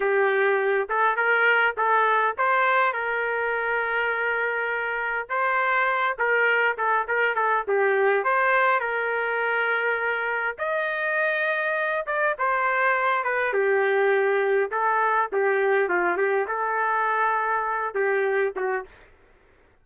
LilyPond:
\new Staff \with { instrumentName = "trumpet" } { \time 4/4 \tempo 4 = 102 g'4. a'8 ais'4 a'4 | c''4 ais'2.~ | ais'4 c''4. ais'4 a'8 | ais'8 a'8 g'4 c''4 ais'4~ |
ais'2 dis''2~ | dis''8 d''8 c''4. b'8 g'4~ | g'4 a'4 g'4 f'8 g'8 | a'2~ a'8 g'4 fis'8 | }